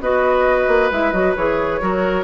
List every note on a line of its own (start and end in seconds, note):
0.00 0.67 B3
0.00 0.91 F#4
0.00 1.81 B4
0.00 0.91 D#5
0.68 0.90 A#3
0.91 1.13 G#3
0.91 1.13 E4
0.91 1.12 E5
1.12 1.35 F#3
1.12 1.35 F#4
1.12 1.34 D#5
1.36 1.81 E3
1.36 1.81 G#4
1.36 2.24 C#5
1.81 2.24 F#3
1.81 2.24 F#4
1.81 2.24 A#4